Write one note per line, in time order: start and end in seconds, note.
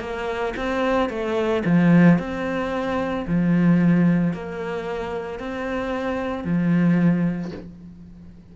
0.00 0.54 A#3
0.56 1.09 C4
1.09 1.63 A3
1.65 2.18 F3
2.18 3.25 C4
3.27 4.33 F3
4.33 5.40 A#3
5.40 6.44 C4
6.44 7.51 F3